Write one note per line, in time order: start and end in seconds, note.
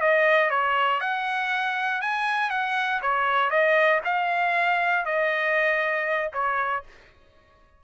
0.00 0.50 D#5
0.50 1.00 C#5
1.00 2.01 F#5
2.01 2.50 G#5
2.50 3.00 F#5
3.02 3.50 C#5
3.50 4.00 D#5
4.04 5.05 F5
5.05 6.31 D#5
6.33 6.83 C#5